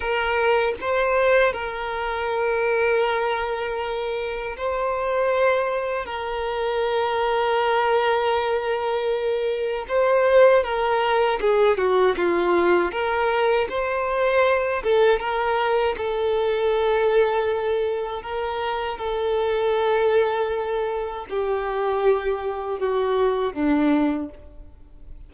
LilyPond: \new Staff \with { instrumentName = "violin" } { \time 4/4 \tempo 4 = 79 ais'4 c''4 ais'2~ | ais'2 c''2 | ais'1~ | ais'4 c''4 ais'4 gis'8 fis'8 |
f'4 ais'4 c''4. a'8 | ais'4 a'2. | ais'4 a'2. | g'2 fis'4 d'4 | }